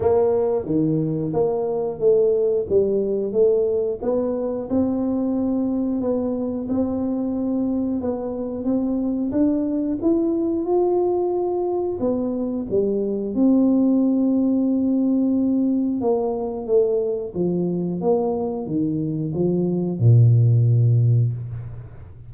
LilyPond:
\new Staff \with { instrumentName = "tuba" } { \time 4/4 \tempo 4 = 90 ais4 dis4 ais4 a4 | g4 a4 b4 c'4~ | c'4 b4 c'2 | b4 c'4 d'4 e'4 |
f'2 b4 g4 | c'1 | ais4 a4 f4 ais4 | dis4 f4 ais,2 | }